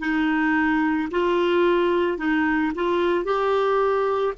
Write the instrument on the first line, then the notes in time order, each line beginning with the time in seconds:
clarinet
0.00 D#4
1.11 F4
2.18 D#4
2.75 F4
3.25 G4